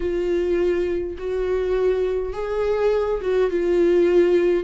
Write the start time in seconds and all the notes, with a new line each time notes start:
0.00 F4
1.18 F#4
2.33 G#4
3.21 F#4
3.50 F4